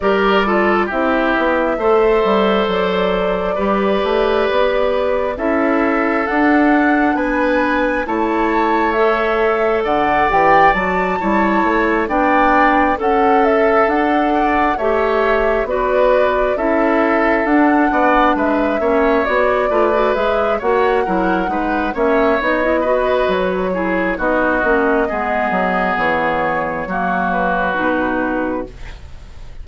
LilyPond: <<
  \new Staff \with { instrumentName = "flute" } { \time 4/4 \tempo 4 = 67 d''4 e''2 d''4~ | d''2 e''4 fis''4 | gis''4 a''4 e''4 fis''8 g''8 | a''4. g''4 fis''8 e''8 fis''8~ |
fis''8 e''4 d''4 e''4 fis''8~ | fis''8 e''4 d''4 e''8 fis''4~ | fis''8 e''8 dis''4 cis''4 dis''4~ | dis''4 cis''4. b'4. | }
  \new Staff \with { instrumentName = "oboe" } { \time 4/4 ais'8 a'8 g'4 c''2 | b'2 a'2 | b'4 cis''2 d''4~ | d''8 cis''4 d''4 a'4. |
d''8 cis''4 b'4 a'4. | d''8 b'8 cis''4 b'4 cis''8 ais'8 | b'8 cis''4 b'4 gis'8 fis'4 | gis'2 fis'2 | }
  \new Staff \with { instrumentName = "clarinet" } { \time 4/4 g'8 f'8 e'4 a'2 | g'2 e'4 d'4~ | d'4 e'4 a'4. g'8 | fis'8 e'4 d'4 a'4.~ |
a'8 g'4 fis'4 e'4 d'8~ | d'4 cis'8 fis'8 f'16 fis'16 gis'8 fis'8 e'8 | dis'8 cis'8 dis'16 e'16 fis'4 e'8 dis'8 cis'8 | b2 ais4 dis'4 | }
  \new Staff \with { instrumentName = "bassoon" } { \time 4/4 g4 c'8 b8 a8 g8 fis4 | g8 a8 b4 cis'4 d'4 | b4 a2 d8 e8 | fis8 g8 a8 b4 cis'4 d'8~ |
d'8 a4 b4 cis'4 d'8 | b8 gis8 ais8 b8 a8 gis8 ais8 fis8 | gis8 ais8 b4 fis4 b8 ais8 | gis8 fis8 e4 fis4 b,4 | }
>>